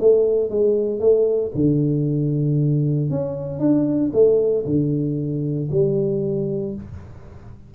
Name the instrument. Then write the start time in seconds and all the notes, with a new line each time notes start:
tuba
0.00 A3
0.50 G#3
1.00 A3
1.55 D3
3.11 C#4
3.59 D4
4.13 A3
4.66 D3
5.71 G3